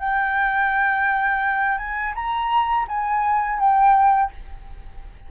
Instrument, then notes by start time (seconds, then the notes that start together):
flute
0.00 G5
1.78 G#5
2.15 A#5
2.88 G#5
3.60 G5